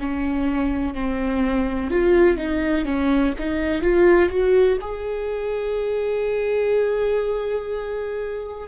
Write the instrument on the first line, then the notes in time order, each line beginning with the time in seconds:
viola
0.00 C#4
0.94 C4
1.91 F4
2.37 D#4
2.85 C#4
3.39 D#4
3.82 F4
4.29 F#4
4.81 G#4